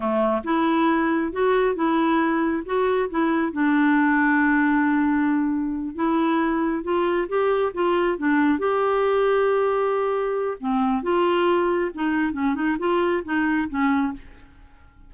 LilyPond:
\new Staff \with { instrumentName = "clarinet" } { \time 4/4 \tempo 4 = 136 a4 e'2 fis'4 | e'2 fis'4 e'4 | d'1~ | d'4. e'2 f'8~ |
f'8 g'4 f'4 d'4 g'8~ | g'1 | c'4 f'2 dis'4 | cis'8 dis'8 f'4 dis'4 cis'4 | }